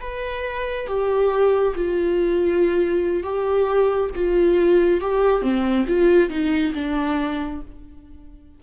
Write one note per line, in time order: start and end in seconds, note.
0.00 0.87 B4
0.87 1.74 G4
1.75 3.23 F4
3.23 4.10 G4
4.15 5.01 F4
5.01 5.42 G4
5.42 5.85 C4
5.87 6.30 F4
6.30 6.73 D#4
6.74 7.61 D4